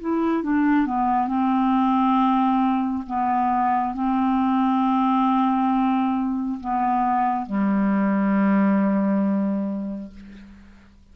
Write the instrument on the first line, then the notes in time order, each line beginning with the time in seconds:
clarinet
0.00 E4
0.43 D4
0.86 B3
1.27 C4
3.06 B3
3.94 C4
6.60 B3
7.46 G3